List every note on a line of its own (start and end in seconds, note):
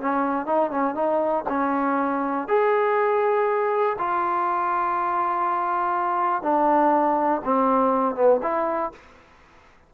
0.00 0.45 C#4
0.45 0.70 D#4
0.71 0.94 C#4
0.94 1.44 D#4
1.48 2.47 C#4
2.47 3.96 G#4
3.98 6.42 F4
6.42 7.41 D4
7.44 8.15 C4
8.15 8.40 B3
8.42 8.92 E4